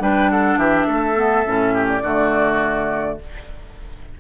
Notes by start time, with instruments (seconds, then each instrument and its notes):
0.00 bassoon G3, clarinet D4, oboe B4, flute G5
0.30 oboe A4, flute F#5
0.57 bassoon E3, oboe G4, flute E5
0.87 bassoon A3, oboe A4
1.16 clarinet B3
1.45 bassoon A2, clarinet C#4
1.74 oboe G4
1.89 flute D5
2.03 bassoon D3, clarinet A3, oboe F#4